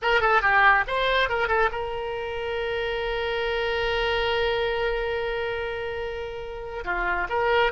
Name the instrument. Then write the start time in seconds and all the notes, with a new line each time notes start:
oboe
0.02 A#4
0.20 A4
0.41 G4
0.87 C5
1.29 A#4
1.48 A4
1.71 A#4
6.84 F4
7.29 A#4